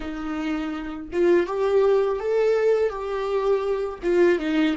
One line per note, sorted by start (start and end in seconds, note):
0.00 1.08 D#4
1.12 1.46 F4
1.46 2.19 G4
2.20 2.89 A4
2.89 3.99 G4
4.02 4.39 F4
4.39 4.75 D#4